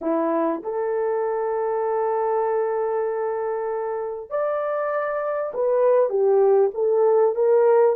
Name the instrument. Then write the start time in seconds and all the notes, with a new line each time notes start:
horn
0.01 E4
0.63 A4
4.29 D5
5.54 B4
6.09 G4
6.73 A4
7.35 A#4